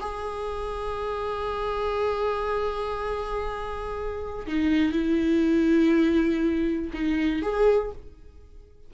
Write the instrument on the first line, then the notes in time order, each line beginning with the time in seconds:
viola
0.00 G#4
4.47 D#4
4.92 E4
6.93 D#4
7.42 G#4